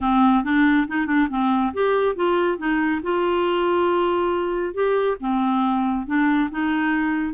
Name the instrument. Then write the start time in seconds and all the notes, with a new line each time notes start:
clarinet
0.00 C4
0.43 D4
0.87 D#4
1.06 D4
1.29 C4
1.73 G4
2.15 F4
2.58 D#4
3.03 F4
4.74 G4
5.20 C4
6.06 D4
6.51 D#4